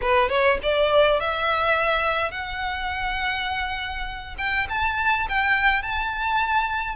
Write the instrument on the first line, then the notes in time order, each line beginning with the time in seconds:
violin
0.01 B4
0.29 C#5
0.62 D5
1.20 E5
2.31 F#5
4.38 G5
4.69 A5
5.29 G5
5.82 A5